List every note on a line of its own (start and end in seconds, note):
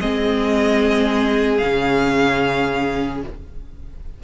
0.00 1.61 G#3
0.00 1.61 C4
0.00 3.22 G#4
0.00 1.57 D#5
1.57 3.23 C#3
1.57 3.23 C#4
1.57 3.18 F5